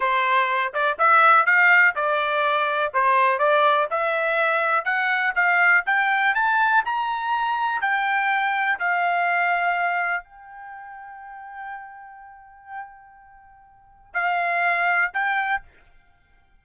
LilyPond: \new Staff \with { instrumentName = "trumpet" } { \time 4/4 \tempo 4 = 123 c''4. d''8 e''4 f''4 | d''2 c''4 d''4 | e''2 fis''4 f''4 | g''4 a''4 ais''2 |
g''2 f''2~ | f''4 g''2.~ | g''1~ | g''4 f''2 g''4 | }